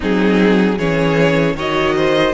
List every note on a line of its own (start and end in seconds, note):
0.00 0.78 F#3
0.00 0.78 C4
0.00 0.76 D#4
0.00 0.78 G#4
0.77 1.55 E3
0.77 1.57 C#4
0.77 1.55 G#4
0.77 1.56 C#5
1.55 2.33 D#3
1.55 2.34 F#4
1.55 1.94 C#5
1.55 2.34 D#5
1.96 2.34 C5